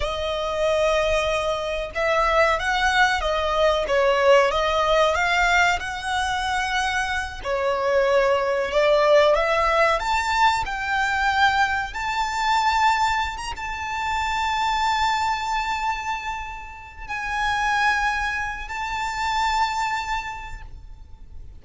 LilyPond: \new Staff \with { instrumentName = "violin" } { \time 4/4 \tempo 4 = 93 dis''2. e''4 | fis''4 dis''4 cis''4 dis''4 | f''4 fis''2~ fis''8 cis''8~ | cis''4. d''4 e''4 a''8~ |
a''8 g''2 a''4.~ | a''8. ais''16 a''2.~ | a''2~ a''8 gis''4.~ | gis''4 a''2. | }